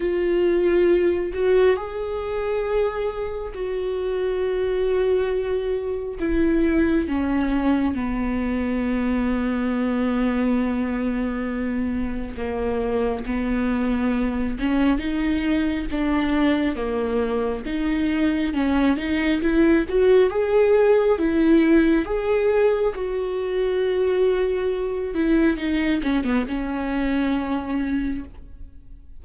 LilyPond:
\new Staff \with { instrumentName = "viola" } { \time 4/4 \tempo 4 = 68 f'4. fis'8 gis'2 | fis'2. e'4 | cis'4 b2.~ | b2 ais4 b4~ |
b8 cis'8 dis'4 d'4 ais4 | dis'4 cis'8 dis'8 e'8 fis'8 gis'4 | e'4 gis'4 fis'2~ | fis'8 e'8 dis'8 cis'16 b16 cis'2 | }